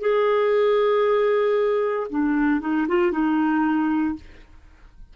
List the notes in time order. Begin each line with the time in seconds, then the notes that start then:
0.00 G#4
2.10 D4
2.61 D#4
2.88 F4
3.12 D#4